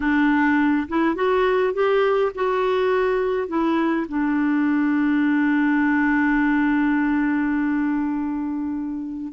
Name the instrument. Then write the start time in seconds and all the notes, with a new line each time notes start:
clarinet
0.00 D4
0.88 E4
1.15 F#4
1.73 G4
2.35 F#4
3.48 E4
4.08 D4